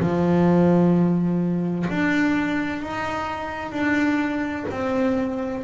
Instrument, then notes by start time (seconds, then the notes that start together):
double bass
0.00 F3
1.90 D4
2.83 D#4
3.72 D4
4.71 C4